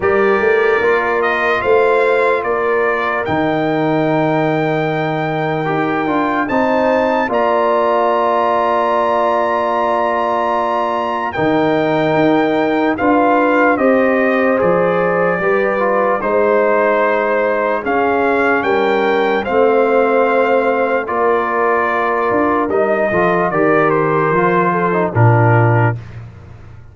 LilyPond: <<
  \new Staff \with { instrumentName = "trumpet" } { \time 4/4 \tempo 4 = 74 d''4. dis''8 f''4 d''4 | g''1 | a''4 ais''2.~ | ais''2 g''2 |
f''4 dis''4 d''2 | c''2 f''4 g''4 | f''2 d''2 | dis''4 d''8 c''4. ais'4 | }
  \new Staff \with { instrumentName = "horn" } { \time 4/4 ais'2 c''4 ais'4~ | ais'1 | c''4 d''2.~ | d''2 ais'2 |
b'4 c''2 b'4 | c''2 gis'4 ais'4 | c''2 ais'2~ | ais'8 a'8 ais'4. a'8 f'4 | }
  \new Staff \with { instrumentName = "trombone" } { \time 4/4 g'4 f'2. | dis'2. g'8 f'8 | dis'4 f'2.~ | f'2 dis'2 |
f'4 g'4 gis'4 g'8 f'8 | dis'2 cis'2 | c'2 f'2 | dis'8 f'8 g'4 f'8. dis'16 d'4 | }
  \new Staff \with { instrumentName = "tuba" } { \time 4/4 g8 a8 ais4 a4 ais4 | dis2. dis'8 d'8 | c'4 ais2.~ | ais2 dis4 dis'4 |
d'4 c'4 f4 g4 | gis2 cis'4 g4 | a2 ais4. d'8 | g8 f8 dis4 f4 ais,4 | }
>>